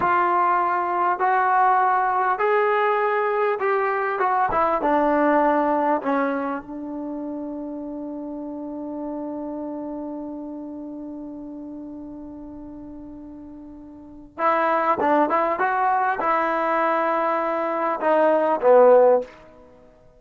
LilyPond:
\new Staff \with { instrumentName = "trombone" } { \time 4/4 \tempo 4 = 100 f'2 fis'2 | gis'2 g'4 fis'8 e'8 | d'2 cis'4 d'4~ | d'1~ |
d'1~ | d'1 | e'4 d'8 e'8 fis'4 e'4~ | e'2 dis'4 b4 | }